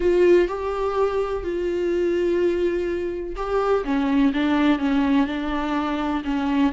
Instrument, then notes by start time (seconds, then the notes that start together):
viola
0.00 F4
0.48 G4
1.43 F4
3.36 G4
3.84 C#4
4.33 D4
4.78 C#4
5.26 D4
6.24 C#4